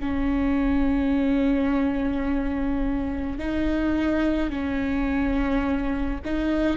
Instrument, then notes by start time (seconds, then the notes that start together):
viola
0.00 C#4
3.39 D#4
4.50 C#4
6.25 D#4